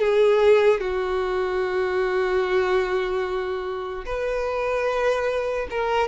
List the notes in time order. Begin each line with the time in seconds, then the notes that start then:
0.00 G#4
0.80 F#4
4.06 B4
5.71 A#4